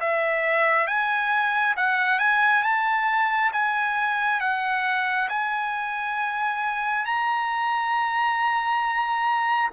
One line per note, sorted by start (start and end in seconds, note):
0.00 0.87 E5
0.87 1.75 G#5
1.76 2.19 F#5
2.19 2.63 G#5
2.63 3.51 A5
3.53 4.40 G#5
4.40 5.28 F#5
5.29 7.05 G#5
7.05 9.70 A#5